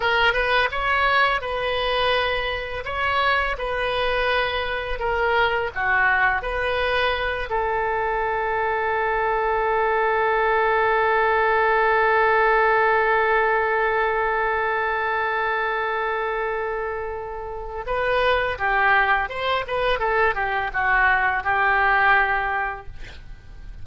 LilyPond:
\new Staff \with { instrumentName = "oboe" } { \time 4/4 \tempo 4 = 84 ais'8 b'8 cis''4 b'2 | cis''4 b'2 ais'4 | fis'4 b'4. a'4.~ | a'1~ |
a'1~ | a'1~ | a'4 b'4 g'4 c''8 b'8 | a'8 g'8 fis'4 g'2 | }